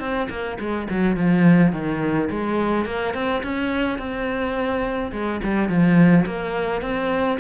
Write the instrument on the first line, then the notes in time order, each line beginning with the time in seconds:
cello
0.00 C4
0.30 A#3
0.60 G#3
0.91 F#3
1.17 F3
1.73 D#3
2.31 G#3
2.86 A#3
3.15 C4
3.44 C#4
3.99 C4
5.13 G#3
5.44 G3
5.69 F3
6.26 A#3
6.82 C4